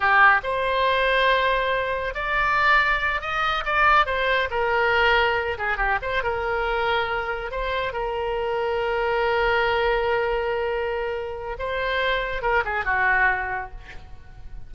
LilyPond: \new Staff \with { instrumentName = "oboe" } { \time 4/4 \tempo 4 = 140 g'4 c''2.~ | c''4 d''2~ d''8 dis''8~ | dis''8 d''4 c''4 ais'4.~ | ais'4 gis'8 g'8 c''8 ais'4.~ |
ais'4. c''4 ais'4.~ | ais'1~ | ais'2. c''4~ | c''4 ais'8 gis'8 fis'2 | }